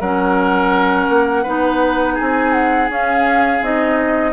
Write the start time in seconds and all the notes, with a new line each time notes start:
0.00 F#3 C#4 A#4 F#5
1.09 A#3
1.43 B3 D#4 B4
2.14 G#4 G#5
2.20 C4
2.52 F#5
2.89 C#4 F5
3.61 C4 D#4 D#5